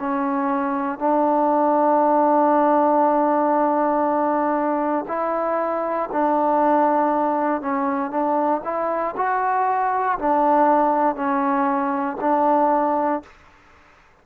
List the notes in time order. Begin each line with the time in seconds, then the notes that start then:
0.00 C#4
0.99 D4
5.08 E4
6.12 D4
7.62 C#4
8.11 D4
8.64 E4
9.17 F#4
10.19 D4
11.16 C#4
12.21 D4